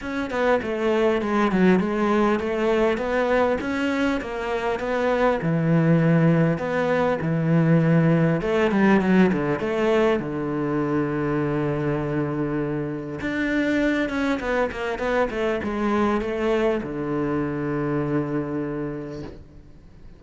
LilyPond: \new Staff \with { instrumentName = "cello" } { \time 4/4 \tempo 4 = 100 cis'8 b8 a4 gis8 fis8 gis4 | a4 b4 cis'4 ais4 | b4 e2 b4 | e2 a8 g8 fis8 d8 |
a4 d2.~ | d2 d'4. cis'8 | b8 ais8 b8 a8 gis4 a4 | d1 | }